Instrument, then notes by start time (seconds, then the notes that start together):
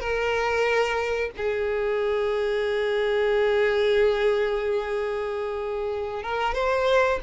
violin
0.00 A#4
1.37 G#4
6.23 A#4
6.54 C5